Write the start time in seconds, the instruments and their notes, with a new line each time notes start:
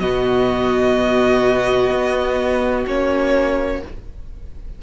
0.00 cello B2, viola B3, violin F#4 D#5
1.91 cello B3
2.87 cello A#3, viola C#4, violin C#5